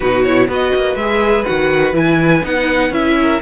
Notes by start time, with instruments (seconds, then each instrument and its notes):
0.00 cello B2, viola D#4, violin F#4 B4
0.24 viola E4, violin C#5
0.48 cello B3, viola F#4, violin B4 D#5
0.75 cello A#3
0.95 cello G#3, viola G#4, violin E5
1.45 cello D#3, viola F#4, violin F#5
1.93 cello E3, viola E4, violin G#5
2.43 cello B3, viola D#4, violin F#5
2.90 cello C#4, viola E4, violin E5
3.21 violin A#4